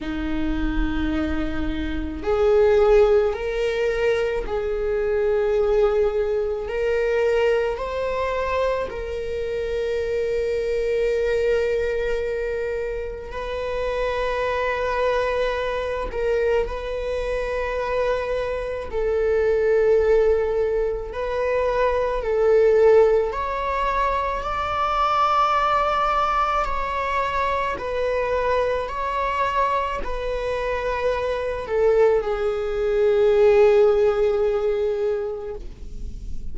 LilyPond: \new Staff \with { instrumentName = "viola" } { \time 4/4 \tempo 4 = 54 dis'2 gis'4 ais'4 | gis'2 ais'4 c''4 | ais'1 | b'2~ b'8 ais'8 b'4~ |
b'4 a'2 b'4 | a'4 cis''4 d''2 | cis''4 b'4 cis''4 b'4~ | b'8 a'8 gis'2. | }